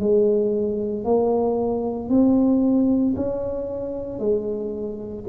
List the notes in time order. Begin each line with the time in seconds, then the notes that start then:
0.00 G#3
1.05 A#3
2.09 C4
3.16 C#4
4.19 G#3